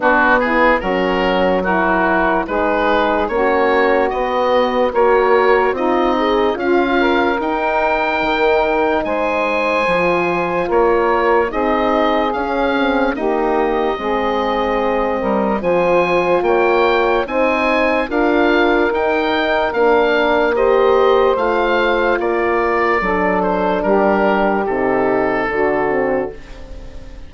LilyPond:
<<
  \new Staff \with { instrumentName = "oboe" } { \time 4/4 \tempo 4 = 73 fis'8 gis'8 ais'4 fis'4 b'4 | cis''4 dis''4 cis''4 dis''4 | f''4 g''2 gis''4~ | gis''4 cis''4 dis''4 f''4 |
dis''2. gis''4 | g''4 gis''4 f''4 g''4 | f''4 dis''4 f''4 d''4~ | d''8 c''8 ais'4 a'2 | }
  \new Staff \with { instrumentName = "saxophone" } { \time 4/4 d'8 e'8 fis'4 ais'4 gis'4 | fis'2 ais'4 dis'4 | f'8 ais'2~ ais'8 c''4~ | c''4 ais'4 gis'2 |
g'4 gis'4. ais'8 c''4 | cis''4 c''4 ais'2~ | ais'4 c''2 ais'4 | a'4 g'2 fis'4 | }
  \new Staff \with { instrumentName = "horn" } { \time 4/4 b4 cis'4 e'4 dis'4 | cis'4 b4 fis'4 f'8 gis'8 | f'4 dis'2. | f'2 dis'4 cis'8 c'8 |
ais4 c'2 f'4~ | f'4 dis'4 f'4 dis'4 | d'4 g'4 f'2 | d'2 dis'4 d'8 c'8 | }
  \new Staff \with { instrumentName = "bassoon" } { \time 4/4 b4 fis2 gis4 | ais4 b4 ais4 c'4 | cis'4 dis'4 dis4 gis4 | f4 ais4 c'4 cis'4 |
dis'4 gis4. g8 f4 | ais4 c'4 d'4 dis'4 | ais2 a4 ais4 | fis4 g4 c4 d4 | }
>>